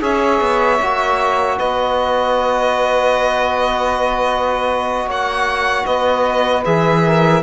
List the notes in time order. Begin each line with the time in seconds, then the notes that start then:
0.00 C#4 G#4 C#5 E5
0.40 B3
0.81 A#3 F#4
1.57 B3 B4 D#5
5.06 A#3 C#5 F#5
5.85 B3 B4 D#5
6.64 E3 G#4 E5
7.04 A#4